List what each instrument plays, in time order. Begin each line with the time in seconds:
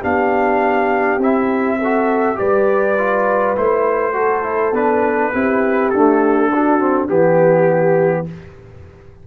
0.00 tuba B3, trombone D4, horn G4, trumpet F5
1.17 tuba C4, trombone E4, trumpet E5
1.79 trombone F#4, horn A4
2.35 tuba G3, trombone G4, horn B4, trumpet D5
2.98 trombone F4
3.56 tuba A3, trombone E4, trumpet C5
4.13 trombone F#4, horn A4
4.43 trombone E4
4.72 tuba B3, trombone D4, trumpet B4
5.33 tuba C4, trombone E4, horn G4
5.89 trombone A3, tuba D4, trumpet A4
6.54 trombone D4, horn F#4
6.79 trombone C4
7.08 tuba E3, trombone B3, horn G4, trumpet G4